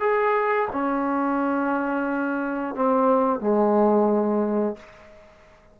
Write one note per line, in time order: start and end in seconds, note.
0.00 0.68 G#4
0.72 2.75 C#4
2.75 3.40 C4
3.40 4.76 G#3